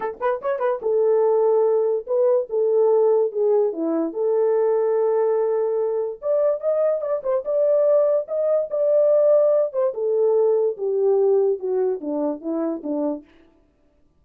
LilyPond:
\new Staff \with { instrumentName = "horn" } { \time 4/4 \tempo 4 = 145 a'8 b'8 cis''8 b'8 a'2~ | a'4 b'4 a'2 | gis'4 e'4 a'2~ | a'2. d''4 |
dis''4 d''8 c''8 d''2 | dis''4 d''2~ d''8 c''8 | a'2 g'2 | fis'4 d'4 e'4 d'4 | }